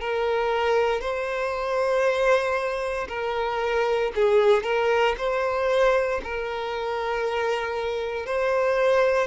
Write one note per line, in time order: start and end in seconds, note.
0.00 1.00 A#4
1.00 3.07 C5
3.08 4.12 A#4
4.15 4.63 G#4
4.63 5.15 A#4
5.17 6.21 C5
6.24 8.26 A#4
8.26 9.27 C5